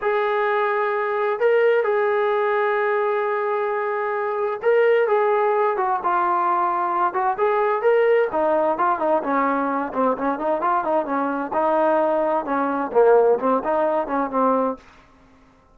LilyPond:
\new Staff \with { instrumentName = "trombone" } { \time 4/4 \tempo 4 = 130 gis'2. ais'4 | gis'1~ | gis'2 ais'4 gis'4~ | gis'8 fis'8 f'2~ f'8 fis'8 |
gis'4 ais'4 dis'4 f'8 dis'8 | cis'4. c'8 cis'8 dis'8 f'8 dis'8 | cis'4 dis'2 cis'4 | ais4 c'8 dis'4 cis'8 c'4 | }